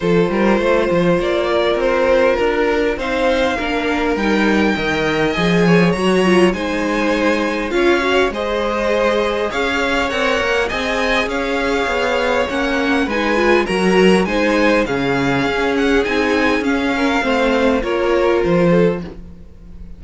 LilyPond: <<
  \new Staff \with { instrumentName = "violin" } { \time 4/4 \tempo 4 = 101 c''2 d''4 c''4 | ais'4 f''2 g''4~ | g''4 gis''4 ais''4 gis''4~ | gis''4 f''4 dis''2 |
f''4 fis''4 gis''4 f''4~ | f''4 fis''4 gis''4 ais''4 | gis''4 f''4. fis''8 gis''4 | f''2 cis''4 c''4 | }
  \new Staff \with { instrumentName = "violin" } { \time 4/4 a'8 ais'8 c''4. ais'4.~ | ais'4 c''4 ais'2 | dis''4. cis''4. c''4~ | c''4 cis''4 c''2 |
cis''2 dis''4 cis''4~ | cis''2 b'4 ais'4 | c''4 gis'2.~ | gis'8 ais'8 c''4 ais'4. a'8 | }
  \new Staff \with { instrumentName = "viola" } { \time 4/4 f'1~ | f'4 dis'4 d'4 dis'4 | ais'4 gis'4 fis'8 f'8 dis'4~ | dis'4 f'8 fis'8 gis'2~ |
gis'4 ais'4 gis'2~ | gis'4 cis'4 dis'8 f'8 fis'4 | dis'4 cis'2 dis'4 | cis'4 c'4 f'2 | }
  \new Staff \with { instrumentName = "cello" } { \time 4/4 f8 g8 a8 f8 ais4 c'4 | d'4 c'4 ais4 g4 | dis4 f4 fis4 gis4~ | gis4 cis'4 gis2 |
cis'4 c'8 ais8 c'4 cis'4 | b4 ais4 gis4 fis4 | gis4 cis4 cis'4 c'4 | cis'4 a4 ais4 f4 | }
>>